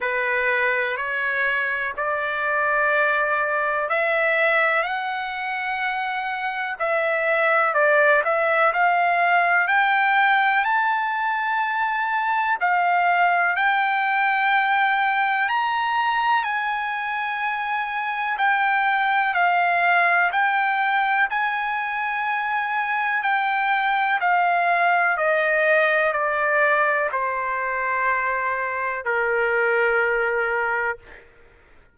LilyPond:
\new Staff \with { instrumentName = "trumpet" } { \time 4/4 \tempo 4 = 62 b'4 cis''4 d''2 | e''4 fis''2 e''4 | d''8 e''8 f''4 g''4 a''4~ | a''4 f''4 g''2 |
ais''4 gis''2 g''4 | f''4 g''4 gis''2 | g''4 f''4 dis''4 d''4 | c''2 ais'2 | }